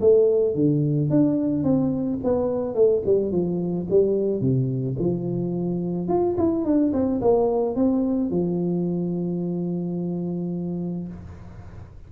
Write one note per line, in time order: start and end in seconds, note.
0.00 0.54 A3
0.54 1.10 D3
1.10 1.63 D4
1.63 2.19 C4
2.23 2.74 B3
2.74 3.02 A3
3.05 3.31 G3
3.31 3.87 F3
3.90 4.41 G3
4.41 4.96 C3
4.98 6.08 F3
6.08 6.36 F4
6.37 6.64 E4
6.64 6.92 D4
6.93 7.20 C4
7.21 7.75 A#3
7.75 8.30 C4
8.30 11.08 F3